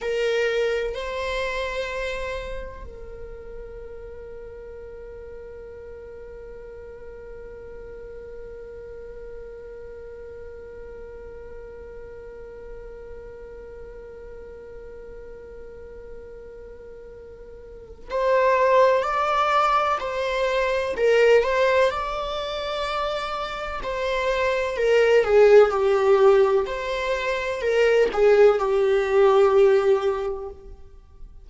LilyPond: \new Staff \with { instrumentName = "viola" } { \time 4/4 \tempo 4 = 63 ais'4 c''2 ais'4~ | ais'1~ | ais'1~ | ais'1~ |
ais'2. c''4 | d''4 c''4 ais'8 c''8 d''4~ | d''4 c''4 ais'8 gis'8 g'4 | c''4 ais'8 gis'8 g'2 | }